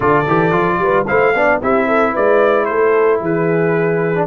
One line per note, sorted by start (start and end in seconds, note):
0.00 0.25 D3
0.00 0.23 F4
0.00 0.78 A4
0.00 1.05 D5
0.27 0.52 E3
0.27 0.51 G4
0.51 0.78 F3
0.51 1.05 F4
0.78 1.05 G3
0.78 1.07 B4
1.06 1.34 A3
1.06 1.34 E4
1.06 1.34 C5
1.06 1.60 F5
1.34 1.61 B3
1.34 1.61 D4
1.34 1.61 D5
1.61 2.15 C4
1.61 4.15 E4
1.61 1.87 G4
1.61 2.15 E5
1.87 2.12 A4
2.12 2.69 G#3
2.12 2.66 B4
2.12 2.65 D5
2.65 3.20 A3
2.65 3.21 A4
2.65 3.18 C5
3.20 4.26 E3
3.20 4.26 G#4
3.20 4.26 B4
4.15 4.26 D4